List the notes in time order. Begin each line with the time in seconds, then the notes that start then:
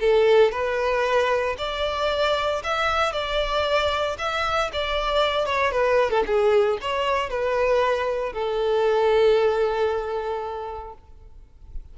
0.00 A4
0.52 B4
1.58 D5
2.64 E5
3.13 D5
4.19 E5
4.73 D5
5.46 C#5
5.72 B4
6.11 A4
6.27 G#4
6.82 C#5
7.30 B4
8.33 A4